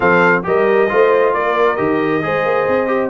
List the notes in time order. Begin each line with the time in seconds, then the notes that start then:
0.00 F3 C4 A4 F5
0.43 G3 G4 A#4 D#5
0.88 A3 F4 C5
1.33 A#3 A#4 D5
1.76 D#3 G4 D#5
2.22 G#3 G#4 C5
2.44 A#3
2.68 C4
2.87 G4